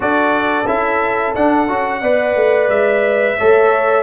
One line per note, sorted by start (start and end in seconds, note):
0.00 0.66 D4
0.00 0.64 F#4
0.00 2.00 A4
0.00 0.66 D5
0.66 1.34 C#4
0.66 1.34 E4
0.66 1.34 E5
1.35 1.68 D4
1.35 2.69 F#5
1.68 2.02 C#4
1.68 2.02 F#4
2.01 2.35 B3
2.01 3.38 B4
2.01 3.36 D5
2.35 2.69 A3
2.69 3.36 G#3
2.69 4.03 E5
3.37 4.03 A3
3.37 4.03 A4
3.37 4.03 C#5